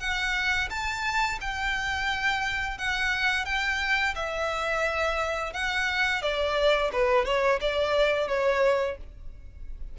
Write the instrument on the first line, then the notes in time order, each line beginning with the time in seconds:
violin
0.00 F#5
0.70 A5
1.41 G5
2.78 F#5
3.45 G5
4.15 E5
5.53 F#5
6.22 D5
6.92 B4
7.25 C#5
7.61 D5
8.28 C#5